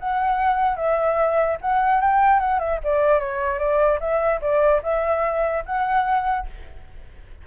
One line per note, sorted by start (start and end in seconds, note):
0.00 0.77 F#5
0.77 1.58 E5
1.61 2.01 F#5
2.01 2.40 G5
2.40 2.60 F#5
2.60 2.80 E5
2.84 3.20 D5
3.20 3.59 C#5
3.59 3.99 D5
4.00 4.41 E5
4.41 4.82 D5
4.83 5.64 E5
5.66 6.47 F#5